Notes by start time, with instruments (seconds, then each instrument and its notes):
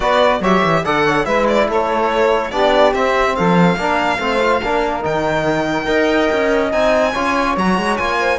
0.00 cello B3, trombone F#4, saxophone B4, violin D5
0.40 cello F#3, trombone G4, saxophone C#5, violin E5
0.64 cello E3
0.84 cello D3, trombone A4, saxophone D5, violin F#5
1.04 saxophone C#5
1.24 cello G#3, trombone E4, saxophone B4, violin E5
1.47 violin D5
1.67 cello A3, saxophone A4, violin C#5
2.51 cello B3, trombone D4, saxophone G4, violin D5
2.93 cello C4, trombone C4, violin E5
3.35 cello F3, saxophone A4, violin F5
3.76 cello A#3, trombone D4, saxophone A#4
4.19 cello A3, trombone C4, saxophone C5
4.41 trombone F4
4.62 cello A#3, trombone D4, saxophone A#4
5.02 cello D#3, trombone D#4, violin G5
5.84 cello D#4, trombone A#4, saxophone D#5
6.32 cello C#4
6.71 cello C4, trombone D#4, violin G#5
7.11 cello C#4, trombone F4, saxophone C#5
7.56 cello F#3, trombone F#4, violin A#5
7.77 cello G#3
7.97 cello A#3, trombone F4, violin G#5
8.19 saxophone C5